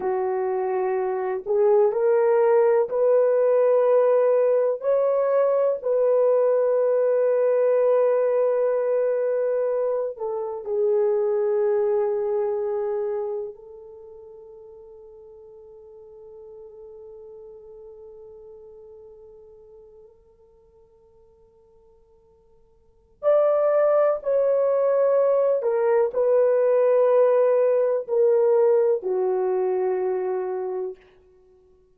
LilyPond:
\new Staff \with { instrumentName = "horn" } { \time 4/4 \tempo 4 = 62 fis'4. gis'8 ais'4 b'4~ | b'4 cis''4 b'2~ | b'2~ b'8 a'8 gis'4~ | gis'2 a'2~ |
a'1~ | a'1 | d''4 cis''4. ais'8 b'4~ | b'4 ais'4 fis'2 | }